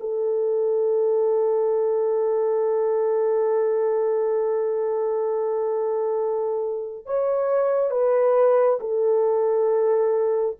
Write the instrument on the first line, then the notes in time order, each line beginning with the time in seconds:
horn
0.00 A4
7.05 C#5
7.91 B4
8.80 A4